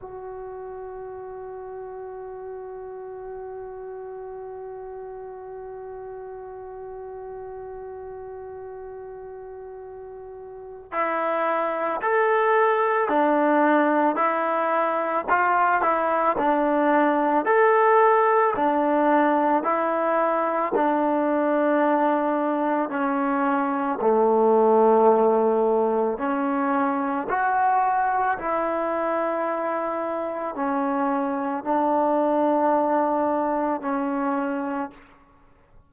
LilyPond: \new Staff \with { instrumentName = "trombone" } { \time 4/4 \tempo 4 = 55 fis'1~ | fis'1~ | fis'2 e'4 a'4 | d'4 e'4 f'8 e'8 d'4 |
a'4 d'4 e'4 d'4~ | d'4 cis'4 a2 | cis'4 fis'4 e'2 | cis'4 d'2 cis'4 | }